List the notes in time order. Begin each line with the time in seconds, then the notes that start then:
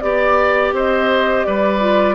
0.00 B3 G4 D5
0.73 C4 C5 D#5
1.46 G3 B4 D5
1.80 F4